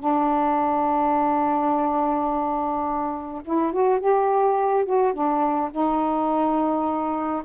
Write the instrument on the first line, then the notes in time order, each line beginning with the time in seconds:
saxophone
0.00 D4
3.45 E4
3.73 F#4
4.00 G4
4.86 F#4
5.14 D4
5.72 D#4